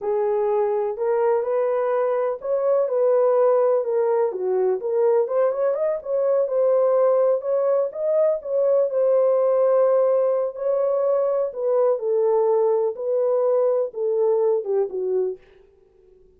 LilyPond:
\new Staff \with { instrumentName = "horn" } { \time 4/4 \tempo 4 = 125 gis'2 ais'4 b'4~ | b'4 cis''4 b'2 | ais'4 fis'4 ais'4 c''8 cis''8 | dis''8 cis''4 c''2 cis''8~ |
cis''8 dis''4 cis''4 c''4.~ | c''2 cis''2 | b'4 a'2 b'4~ | b'4 a'4. g'8 fis'4 | }